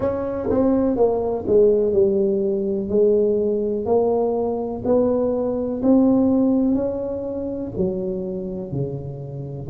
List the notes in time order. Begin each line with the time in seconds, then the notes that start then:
0.00 C#4
0.50 C4
0.96 A#3
1.47 G#3
1.93 G3
2.89 G#3
3.85 A#3
4.84 B3
5.82 C4
6.74 C#4
7.76 F#3
8.71 C#3